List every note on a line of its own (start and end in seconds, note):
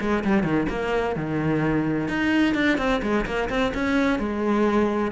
0.00 0.23 G#3
0.24 0.43 G3
0.43 0.66 D#3
0.69 1.15 A#3
1.15 2.08 D#3
2.08 2.54 D#4
2.54 2.77 D4
2.77 3.00 C4
3.02 3.25 G#3
3.25 3.49 A#3
3.49 3.72 C4
3.74 4.19 C#4
4.19 5.11 G#3